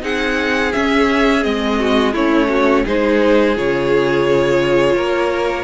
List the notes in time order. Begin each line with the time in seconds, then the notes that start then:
0.00 C4 D#4 G#4 F#5
0.72 C#4 E5
1.42 G#3 C4 D#5
1.79 F#4
2.13 A3 C#4 E4 C#5
2.49 F#4
2.84 G#3 D#4 G#4 C5
3.56 C#3 F4 C#5
4.96 A#3 A#4